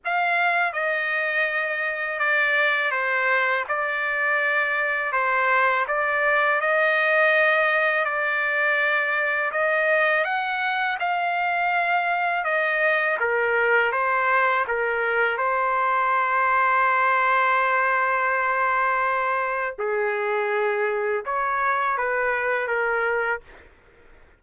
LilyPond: \new Staff \with { instrumentName = "trumpet" } { \time 4/4 \tempo 4 = 82 f''4 dis''2 d''4 | c''4 d''2 c''4 | d''4 dis''2 d''4~ | d''4 dis''4 fis''4 f''4~ |
f''4 dis''4 ais'4 c''4 | ais'4 c''2.~ | c''2. gis'4~ | gis'4 cis''4 b'4 ais'4 | }